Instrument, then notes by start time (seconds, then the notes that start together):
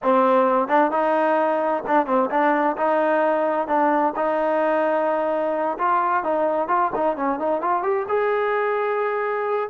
trombone
0.02 C4
0.68 D4
0.91 D#4
1.87 D4
2.06 C4
2.30 D4
2.77 D#4
3.67 D4
4.15 D#4
5.78 F4
6.23 D#4
6.68 F4
6.95 D#4
7.16 C#4
7.39 D#4
7.61 F4
7.82 G4
8.08 G#4